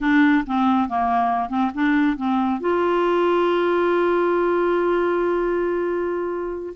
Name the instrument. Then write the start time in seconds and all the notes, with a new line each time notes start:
clarinet
0.00 D4
0.46 C4
0.88 A#3
1.49 C4
1.74 D4
2.16 C4
2.60 F4